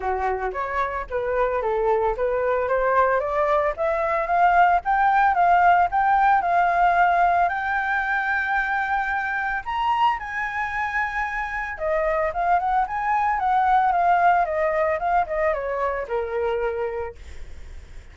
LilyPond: \new Staff \with { instrumentName = "flute" } { \time 4/4 \tempo 4 = 112 fis'4 cis''4 b'4 a'4 | b'4 c''4 d''4 e''4 | f''4 g''4 f''4 g''4 | f''2 g''2~ |
g''2 ais''4 gis''4~ | gis''2 dis''4 f''8 fis''8 | gis''4 fis''4 f''4 dis''4 | f''8 dis''8 cis''4 ais'2 | }